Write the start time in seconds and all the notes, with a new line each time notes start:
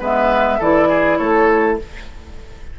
0.00 G#3 B3 B4 E5
0.59 E3 E4 A4 D5
0.89 G#4
1.18 A3 A4 C#5